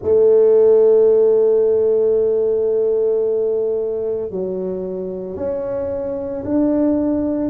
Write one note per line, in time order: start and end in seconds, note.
0.02 4.30 A3
4.30 5.36 F#3
5.36 6.43 C#4
6.44 7.49 D4